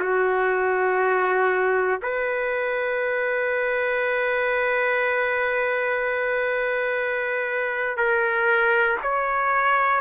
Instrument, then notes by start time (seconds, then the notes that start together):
trumpet
0.00 F#4
2.02 B4
7.97 A#4
9.03 C#5